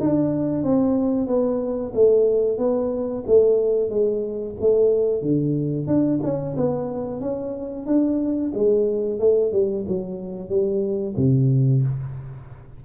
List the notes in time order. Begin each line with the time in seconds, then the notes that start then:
0.00 D4
0.63 C4
1.27 B3
1.94 A3
2.58 B3
3.27 A3
3.90 G#3
4.61 A3
5.22 D3
5.87 D4
6.23 C#4
6.57 B3
7.21 C#4
7.86 D4
8.54 G#3
9.20 A3
9.53 G3
9.88 F#3
10.49 G3
11.17 C3